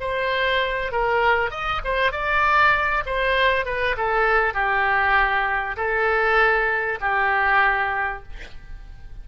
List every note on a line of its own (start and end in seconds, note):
0.00 0.92 C5
0.92 1.51 A#4
1.51 1.81 D#5
1.84 2.12 C5
2.12 3.04 D5
3.06 3.65 C5
3.65 3.96 B4
3.97 4.54 A4
4.54 5.76 G4
5.77 6.99 A4
7.01 8.23 G4